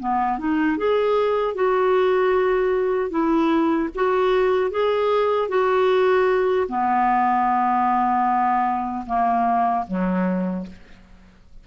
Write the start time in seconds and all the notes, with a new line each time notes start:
0.00 B3
0.39 D#4
0.78 G#4
1.55 F#4
3.10 E4
3.95 F#4
4.71 G#4
5.49 F#4
6.69 B3
9.06 A#3
9.88 F#3